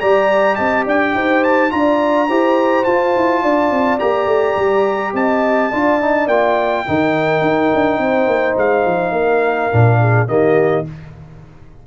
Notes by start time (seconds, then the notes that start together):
0.00 G3 G4 D5 A#5
0.55 C4 D#5 A5
0.85 D4 D5 G5
1.15 D#4 C5
1.44 A5
1.70 D4 F4 D5 A#5
2.28 E4 G4 C5
2.84 F4 A5
3.17 E4
3.42 D4 D5
3.71 C4
3.99 A#3 G4 A#5
4.26 A3
4.56 G3
5.13 C4 D#5 A5
5.71 D4 F4 D5
6.01 D#4
6.27 A#3 F4 G5
6.86 D#3 D#4 A#4
7.42 D#4
7.74 D4
7.98 C4 C5
8.26 A#3
8.57 G#3 F5
8.85 F3
9.11 A#3 A#4
9.72 A#2 D4
10.00 G#4
10.27 D#3 A#3 G4 D#5